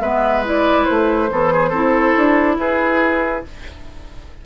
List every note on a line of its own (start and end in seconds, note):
0.00 0.86 G#3
0.00 0.44 B3
0.00 1.30 B4
0.00 0.43 E5
0.44 1.28 E4
0.44 0.84 D5
0.84 1.31 A3
0.84 2.56 C5
1.28 1.71 E3
1.28 1.71 B3
1.28 1.52 A4
1.52 1.69 G#4
1.69 2.13 C4
1.69 3.45 E4
1.69 2.55 A4
2.17 2.57 D4
2.57 3.43 E4
2.57 3.45 G#4
2.57 3.44 B4